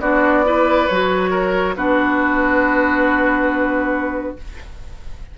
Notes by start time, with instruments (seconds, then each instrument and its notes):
0.00 bassoon B3, clarinet D4, oboe F#4, flute D5
0.44 clarinet E4, oboe B4
0.87 bassoon F#3, clarinet F#4, flute C#5
1.30 oboe A#4
1.75 bassoon B3, clarinet D4, oboe F#4, flute B4